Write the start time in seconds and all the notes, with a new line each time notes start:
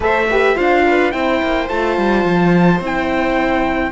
0.00 A3 A4 C5 E5
0.29 G4 B4
0.55 D4 F4 C5 F5
0.86 B4
1.11 C4 E4 C5 G5
1.42 A#3
1.68 A3 F4 A5
1.97 G3
2.24 F3
2.80 C4 E4 G5